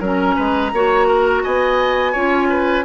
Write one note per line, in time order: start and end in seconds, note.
0.00 0.36 F#3
0.00 0.73 C#4
0.00 0.35 A#4
0.06 1.44 A#5
0.36 0.73 G#3
0.36 0.71 B4
0.73 1.43 A#3
0.73 2.15 F#4
0.73 1.07 C#5
1.07 1.43 A#4
1.44 2.15 B3
1.44 2.12 D#5
1.44 2.85 G#5
2.12 2.85 C#4
2.12 2.85 F4
2.12 2.47 C#5
2.50 2.85 B4